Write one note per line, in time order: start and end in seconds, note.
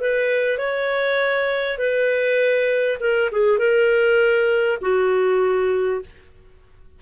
0.00 0.58 B4
0.58 1.78 C#5
1.78 2.98 B4
3.00 3.30 A#4
3.32 3.58 G#4
3.58 4.78 A#4
4.82 6.02 F#4